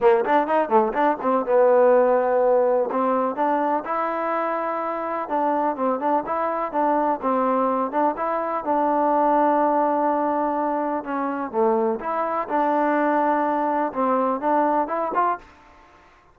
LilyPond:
\new Staff \with { instrumentName = "trombone" } { \time 4/4 \tempo 4 = 125 ais8 d'8 dis'8 a8 d'8 c'8 b4~ | b2 c'4 d'4 | e'2. d'4 | c'8 d'8 e'4 d'4 c'4~ |
c'8 d'8 e'4 d'2~ | d'2. cis'4 | a4 e'4 d'2~ | d'4 c'4 d'4 e'8 f'8 | }